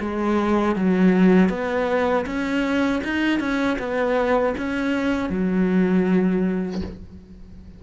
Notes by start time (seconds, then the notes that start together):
0.00 G#3
0.76 F#3
1.49 B3
2.26 C#4
3.04 D#4
3.39 C#4
3.79 B3
4.58 C#4
5.30 F#3